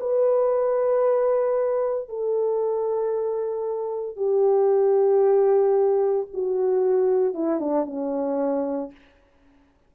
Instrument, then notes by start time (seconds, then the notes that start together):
horn
0.00 B4
2.09 A4
4.16 G4
6.33 F#4
7.34 E4
7.60 D4
7.86 C#4